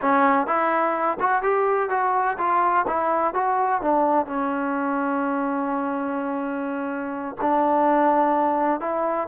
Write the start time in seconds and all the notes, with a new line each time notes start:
0.01 C#4
0.46 E4
1.20 F#4
1.42 G4
1.89 F#4
2.37 F4
2.87 E4
3.34 F#4
3.81 D4
4.26 C#4
7.41 D4
8.80 E4